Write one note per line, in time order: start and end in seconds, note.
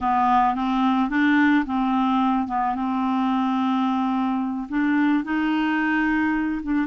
0.01 0.55 B3
0.55 1.09 C4
1.09 1.64 D4
1.65 2.47 C4
2.47 2.75 B3
2.75 4.67 C4
4.68 5.23 D4
5.24 6.61 D#4
6.63 6.86 D4